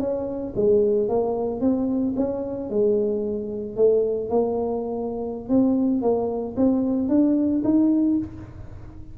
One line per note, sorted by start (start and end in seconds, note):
0.00 0.54 C#4
0.56 1.09 G#3
1.09 1.61 A#3
1.61 2.14 C4
2.16 2.70 C#4
2.70 3.76 G#3
3.76 4.29 A3
4.29 5.49 A#3
5.49 6.02 C4
6.02 6.56 A#3
6.56 7.09 C4
7.09 7.62 D4
7.64 8.18 D#4